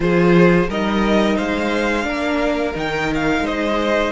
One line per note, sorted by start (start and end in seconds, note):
0.00 0.68 F3
0.00 0.67 F4
0.00 0.68 G#4
0.00 0.69 C5
0.68 1.37 G3
0.68 2.03 D#4
0.68 1.36 A#4
0.68 1.37 D#5
1.36 2.06 G#3
1.36 2.05 C5
1.36 2.75 F5
2.03 2.75 A#3
2.03 2.72 D4
2.03 3.44 A#4
2.75 3.40 D#3
2.75 4.12 D#4
2.75 3.12 G5
3.14 3.46 F5
3.40 4.09 G#3
3.40 4.12 C5
3.46 4.12 D#5